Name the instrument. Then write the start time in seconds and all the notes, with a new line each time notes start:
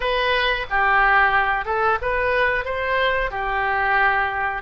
oboe
0.00 B4
0.70 G4
1.65 A4
2.01 B4
2.64 C5
3.31 G4